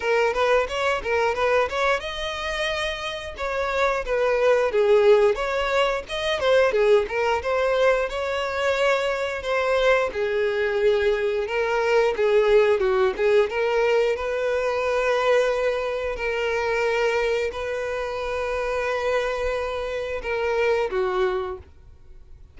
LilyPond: \new Staff \with { instrumentName = "violin" } { \time 4/4 \tempo 4 = 89 ais'8 b'8 cis''8 ais'8 b'8 cis''8 dis''4~ | dis''4 cis''4 b'4 gis'4 | cis''4 dis''8 c''8 gis'8 ais'8 c''4 | cis''2 c''4 gis'4~ |
gis'4 ais'4 gis'4 fis'8 gis'8 | ais'4 b'2. | ais'2 b'2~ | b'2 ais'4 fis'4 | }